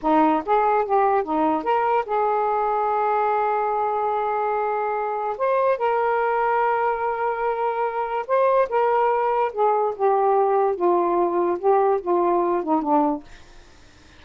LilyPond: \new Staff \with { instrumentName = "saxophone" } { \time 4/4 \tempo 4 = 145 dis'4 gis'4 g'4 dis'4 | ais'4 gis'2.~ | gis'1~ | gis'4 c''4 ais'2~ |
ais'1 | c''4 ais'2 gis'4 | g'2 f'2 | g'4 f'4. dis'8 d'4 | }